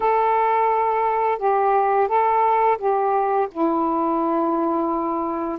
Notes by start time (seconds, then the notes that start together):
0.00 A4
1.38 G4
2.07 A4
2.78 G4
3.51 E4